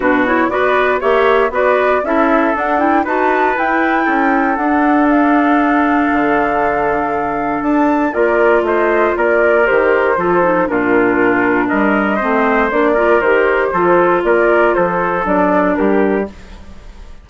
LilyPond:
<<
  \new Staff \with { instrumentName = "flute" } { \time 4/4 \tempo 4 = 118 b'8 cis''8 d''4 e''4 d''4 | e''4 fis''8 g''8 a''4 g''4~ | g''4 fis''4 f''2~ | f''2. a''4 |
d''4 dis''4 d''4 c''4~ | c''4 ais'2 dis''4~ | dis''4 d''4 c''2 | d''4 c''4 d''4 ais'4 | }
  \new Staff \with { instrumentName = "trumpet" } { \time 4/4 fis'4 b'4 cis''4 b'4 | a'2 b'2 | a'1~ | a'1 |
ais'4 c''4 ais'2 | a'4 f'2 ais'4 | c''4. ais'4. a'4 | ais'4 a'2 g'4 | }
  \new Staff \with { instrumentName = "clarinet" } { \time 4/4 d'8 e'8 fis'4 g'4 fis'4 | e'4 d'8 e'8 fis'4 e'4~ | e'4 d'2.~ | d'1 |
f'2. g'4 | f'8 dis'8 d'2. | c'4 d'8 f'8 g'4 f'4~ | f'2 d'2 | }
  \new Staff \with { instrumentName = "bassoon" } { \time 4/4 b,4 b4 ais4 b4 | cis'4 d'4 dis'4 e'4 | cis'4 d'2. | d2. d'4 |
ais4 a4 ais4 dis4 | f4 ais,2 g4 | a4 ais4 dis4 f4 | ais4 f4 fis4 g4 | }
>>